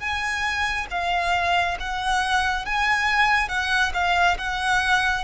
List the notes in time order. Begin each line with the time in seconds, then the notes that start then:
0.00 G#5
0.91 F5
1.80 F#5
2.66 G#5
3.49 F#5
3.94 F5
4.38 F#5